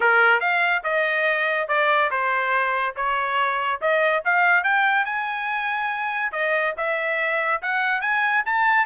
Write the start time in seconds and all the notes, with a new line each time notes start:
0.00 A#4
0.40 F5
0.83 D#5
1.68 D5
2.10 C5
2.95 C#5
3.81 D#5
4.24 F5
4.63 G5
5.05 G#5
6.32 D#5
6.77 E5
7.62 F#5
8.01 G#5
8.45 A5